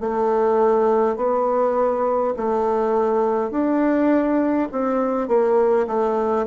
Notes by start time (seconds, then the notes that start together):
0.00 A3
1.17 B3
2.37 A3
3.51 D4
4.72 C4
5.28 A#3
5.87 A3